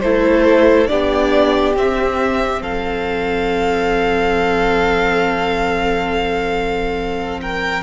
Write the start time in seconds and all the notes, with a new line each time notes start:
0.00 A3 E4 A4 C5
0.87 B3 D4 G4 D5
1.76 C4 E5
2.62 F3 A4 F5
7.41 A#4 G5